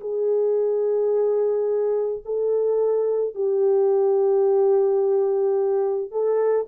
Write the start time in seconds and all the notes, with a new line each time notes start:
0.00 G#4
2.25 A4
3.34 G4
6.11 A4